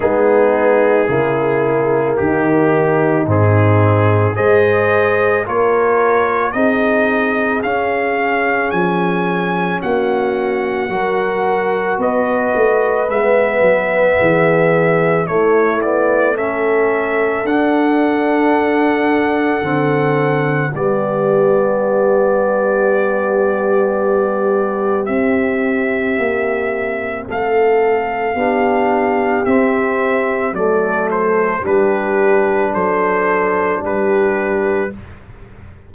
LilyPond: <<
  \new Staff \with { instrumentName = "trumpet" } { \time 4/4 \tempo 4 = 55 gis'2 g'4 gis'4 | dis''4 cis''4 dis''4 f''4 | gis''4 fis''2 dis''4 | e''2 cis''8 d''8 e''4 |
fis''2. d''4~ | d''2. e''4~ | e''4 f''2 e''4 | d''8 c''8 b'4 c''4 b'4 | }
  \new Staff \with { instrumentName = "horn" } { \time 4/4 dis'4 e'4 dis'2 | c''4 ais'4 gis'2~ | gis'4 fis'4 ais'4 b'4~ | b'4 gis'4 e'4 a'4~ |
a'2. g'4~ | g'1~ | g'4 a'4 g'2 | a'4 g'4 a'4 g'4 | }
  \new Staff \with { instrumentName = "trombone" } { \time 4/4 b4 ais2 c'4 | gis'4 f'4 dis'4 cis'4~ | cis'2 fis'2 | b2 a8 b8 cis'4 |
d'2 c'4 b4~ | b2. c'4~ | c'2 d'4 c'4 | a4 d'2. | }
  \new Staff \with { instrumentName = "tuba" } { \time 4/4 gis4 cis4 dis4 gis,4 | gis4 ais4 c'4 cis'4 | f4 ais4 fis4 b8 a8 | gis8 fis8 e4 a2 |
d'2 d4 g4~ | g2. c'4 | ais4 a4 b4 c'4 | fis4 g4 fis4 g4 | }
>>